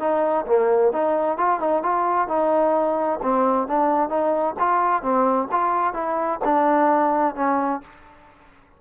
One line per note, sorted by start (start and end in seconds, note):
0.00 0.46 D#4
0.47 0.93 A#3
0.93 1.38 D#4
1.38 1.61 F4
1.61 1.83 D#4
1.83 2.28 F4
2.28 3.20 D#4
3.23 3.68 C4
3.68 4.10 D4
4.10 4.55 D#4
4.59 5.03 F4
5.03 5.49 C4
5.52 5.94 F4
5.94 6.40 E4
6.45 7.36 D4
7.36 7.82 C#4